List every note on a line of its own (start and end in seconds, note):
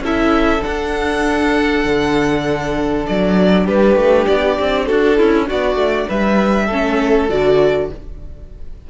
0.00 0.61 C#4
0.00 0.61 E4
0.00 3.64 A4
0.06 0.64 E5
0.61 6.67 D4
0.61 1.85 D4
0.61 3.06 F#5
1.85 3.06 D3
3.07 3.68 F#3
3.07 3.67 D5
3.64 3.96 G3
3.64 4.85 G4
3.64 4.27 B4
3.96 4.27 A3
4.27 4.59 B3
4.27 4.86 D5
4.60 4.90 C4
4.86 5.20 D4
4.86 5.18 F#4
4.86 5.47 A4
5.18 5.51 C#4
5.18 5.48 E4
5.48 5.76 B3
5.48 6.09 F#4
5.48 6.10 D5
5.76 6.06 A3
6.09 6.70 G3
6.09 6.66 B4
6.09 7.30 E5
6.66 7.30 A3
6.66 7.30 C#4
6.66 7.87 A4
7.30 7.91 D3
7.30 7.91 F#4
7.30 7.91 D5